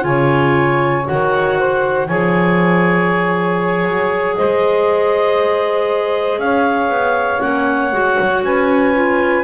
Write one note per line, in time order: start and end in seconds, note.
0.00 1.06 C#3
0.00 1.02 F4
0.00 1.58 C#5
0.00 1.05 G#5
1.04 2.08 D#3
1.04 2.06 F#4
1.04 2.07 F#5
1.58 2.07 C5
2.07 3.84 F3
2.07 7.40 G#4
2.07 4.36 C#5
2.07 4.36 G#5
3.84 4.35 F#3
4.36 6.38 G#3
4.36 6.40 C5
4.36 6.39 D#5
6.38 6.89 C#4
6.38 8.44 C#5
6.38 7.40 F5
6.89 7.39 B3
7.40 7.92 A#3
7.40 7.90 C#4
7.40 8.42 F#5
7.92 8.17 G#3
7.92 8.93 F#4
8.19 8.42 F#3
8.42 9.43 C#4
8.42 9.43 B4
8.42 9.43 G#5
8.94 9.43 F4